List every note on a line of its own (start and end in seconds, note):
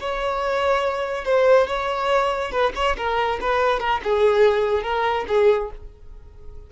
0.00 1.25 C#5
1.25 1.67 C5
1.67 2.52 C#5
2.52 2.73 B4
2.75 2.96 C#5
2.97 3.39 A#4
3.41 3.80 B4
3.80 4.01 A#4
4.04 4.83 G#4
4.83 5.25 A#4
5.28 5.71 G#4